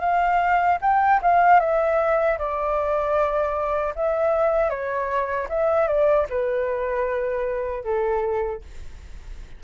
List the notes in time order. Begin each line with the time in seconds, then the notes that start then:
0.00 F5
0.81 G5
1.22 F5
1.59 E5
2.38 D5
3.95 E5
4.69 C#5
5.49 E5
5.87 D5
6.29 B4
7.84 A4